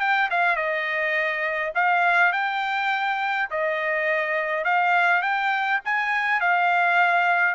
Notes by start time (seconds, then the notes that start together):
0.00 G5
0.30 F5
0.56 D#5
1.74 F5
2.32 G5
3.50 D#5
4.64 F5
5.22 G5
5.85 G#5
6.40 F5